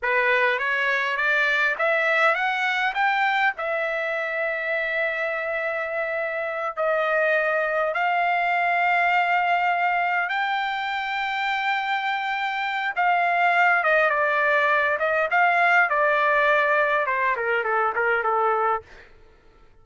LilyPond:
\new Staff \with { instrumentName = "trumpet" } { \time 4/4 \tempo 4 = 102 b'4 cis''4 d''4 e''4 | fis''4 g''4 e''2~ | e''2.~ e''8 dis''8~ | dis''4. f''2~ f''8~ |
f''4. g''2~ g''8~ | g''2 f''4. dis''8 | d''4. dis''8 f''4 d''4~ | d''4 c''8 ais'8 a'8 ais'8 a'4 | }